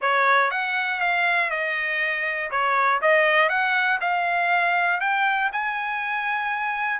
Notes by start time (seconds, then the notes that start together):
0.01 C#5
0.50 F#5
1.00 F5
1.50 D#5
2.50 C#5
3.01 D#5
3.49 F#5
4.00 F5
5.00 G5
5.52 G#5